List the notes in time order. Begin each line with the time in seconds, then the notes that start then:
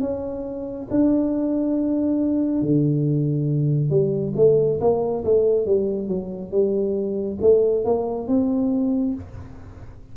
0.00 C#4
0.90 D4
2.61 D3
3.89 G3
4.36 A3
4.80 A#3
5.24 A3
5.66 G3
6.08 F#3
6.51 G3
7.41 A3
7.84 A#3
8.27 C4